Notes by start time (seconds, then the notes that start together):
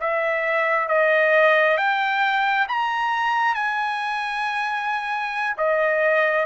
0.00 E5
0.88 D#5
1.77 G5
2.68 A#5
3.55 G#5
5.57 D#5